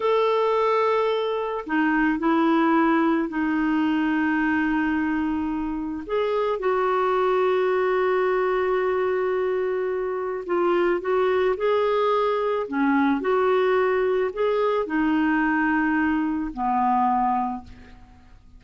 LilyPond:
\new Staff \with { instrumentName = "clarinet" } { \time 4/4 \tempo 4 = 109 a'2. dis'4 | e'2 dis'2~ | dis'2. gis'4 | fis'1~ |
fis'2. f'4 | fis'4 gis'2 cis'4 | fis'2 gis'4 dis'4~ | dis'2 b2 | }